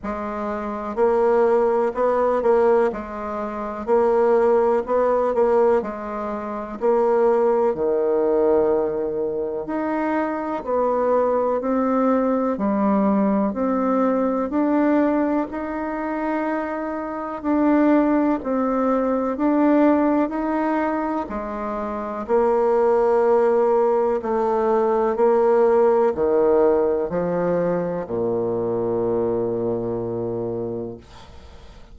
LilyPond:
\new Staff \with { instrumentName = "bassoon" } { \time 4/4 \tempo 4 = 62 gis4 ais4 b8 ais8 gis4 | ais4 b8 ais8 gis4 ais4 | dis2 dis'4 b4 | c'4 g4 c'4 d'4 |
dis'2 d'4 c'4 | d'4 dis'4 gis4 ais4~ | ais4 a4 ais4 dis4 | f4 ais,2. | }